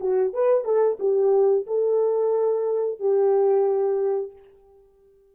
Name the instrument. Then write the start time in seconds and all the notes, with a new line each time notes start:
horn
0.00 F#4
0.33 B4
0.64 A4
0.99 G4
1.66 A4
2.99 G4